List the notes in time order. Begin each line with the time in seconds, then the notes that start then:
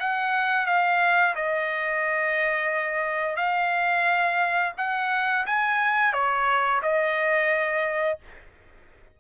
0.00 F#5
0.67 F5
1.36 D#5
3.37 F5
4.78 F#5
5.46 G#5
6.13 C#5
6.83 D#5